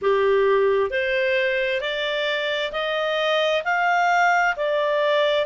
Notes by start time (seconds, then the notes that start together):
0.01 G4
0.90 C5
1.80 D5
2.71 D#5
3.64 F5
4.56 D5